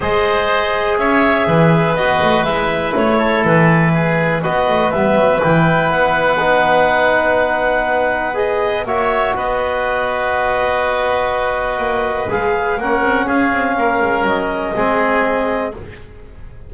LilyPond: <<
  \new Staff \with { instrumentName = "clarinet" } { \time 4/4 \tempo 4 = 122 dis''2 e''2 | dis''4 e''4 cis''4 b'4~ | b'4 dis''4 e''4 g''4 | fis''1~ |
fis''4 dis''4 e''4 dis''4~ | dis''1~ | dis''4 f''4 fis''4 f''4~ | f''4 dis''2. | }
  \new Staff \with { instrumentName = "oboe" } { \time 4/4 c''2 cis''4 b'4~ | b'2~ b'8 a'4. | gis'4 b'2.~ | b'1~ |
b'2 cis''4 b'4~ | b'1~ | b'2 ais'4 gis'4 | ais'2 gis'2 | }
  \new Staff \with { instrumentName = "trombone" } { \time 4/4 gis'1 | fis'4 e'2.~ | e'4 fis'4 b4 e'4~ | e'4 dis'2.~ |
dis'4 gis'4 fis'2~ | fis'1~ | fis'4 gis'4 cis'2~ | cis'2 c'2 | }
  \new Staff \with { instrumentName = "double bass" } { \time 4/4 gis2 cis'4 e4 | b8 a8 gis4 a4 e4~ | e4 b8 a8 g8 fis8 e4 | b1~ |
b2 ais4 b4~ | b1 | ais4 gis4 ais8 c'8 cis'8 c'8 | ais8 gis8 fis4 gis2 | }
>>